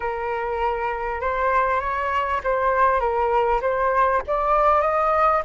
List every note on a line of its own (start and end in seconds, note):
0.00 1.20 A#4
1.20 1.80 C5
1.80 2.40 C#5
2.43 2.99 C5
2.99 3.60 A#4
3.61 4.21 C5
4.27 4.81 D5
4.81 5.42 D#5